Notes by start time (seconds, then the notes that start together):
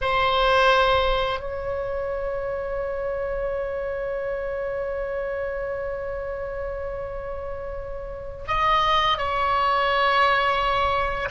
0.01 C5
1.39 C#5
8.47 D#5
9.17 C#5